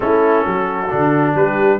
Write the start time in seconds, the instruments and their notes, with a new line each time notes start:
0.00 tuba A3, trombone C#4, horn E4, trumpet A4
0.44 tuba F#3, horn F#4
0.90 tuba D3, trombone D4
1.34 tuba G3, horn G4, trumpet B4